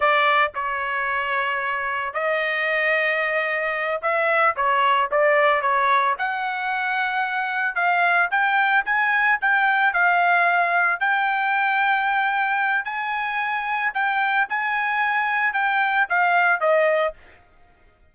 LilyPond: \new Staff \with { instrumentName = "trumpet" } { \time 4/4 \tempo 4 = 112 d''4 cis''2. | dis''2.~ dis''8 e''8~ | e''8 cis''4 d''4 cis''4 fis''8~ | fis''2~ fis''8 f''4 g''8~ |
g''8 gis''4 g''4 f''4.~ | f''8 g''2.~ g''8 | gis''2 g''4 gis''4~ | gis''4 g''4 f''4 dis''4 | }